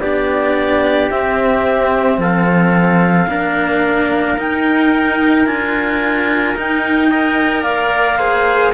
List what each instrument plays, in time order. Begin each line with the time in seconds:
0.00 cello B3 D4, trumpet G4, clarinet D5
1.10 cello C4, clarinet E5
2.17 cello F3, trumpet A4, clarinet F5
3.28 cello A#3 D4, trumpet A#4
4.37 cello D#4, clarinet G5
5.46 cello D4 F4, clarinet G#5
6.56 cello D#4, clarinet G5
7.10 cello A#4, trumpet D#5
7.62 cello A#3, trumpet D5, clarinet F5
8.18 cello G#4, trumpet C5